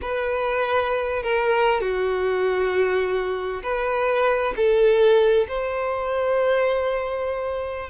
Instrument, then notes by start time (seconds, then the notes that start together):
violin
0.01 B4
1.22 A#4
1.80 F#4
3.63 B4
4.56 A4
5.48 C5